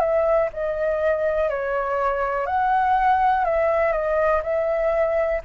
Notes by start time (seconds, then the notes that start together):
0.00 E5
0.53 D#5
1.50 C#5
2.46 F#5
3.45 E5
3.93 D#5
4.44 E5